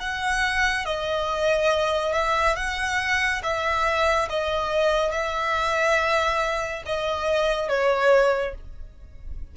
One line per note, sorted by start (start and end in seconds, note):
0.00 0.86 F#5
0.86 2.13 D#5
2.13 2.56 E5
2.56 3.42 F#5
3.43 4.29 E5
4.29 5.12 D#5
5.12 6.83 E5
6.86 7.69 D#5
7.69 8.54 C#5